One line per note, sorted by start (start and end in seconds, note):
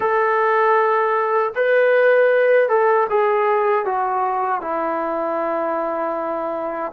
0.00 1.53 A4
1.55 2.68 B4
2.68 3.07 A4
3.09 3.85 G#4
3.85 4.61 F#4
4.61 6.92 E4